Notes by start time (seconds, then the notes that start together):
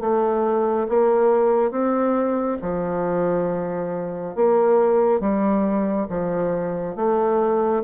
0.00 A3
0.89 A#3
1.71 C4
2.61 F3
4.35 A#3
5.20 G3
6.09 F3
6.95 A3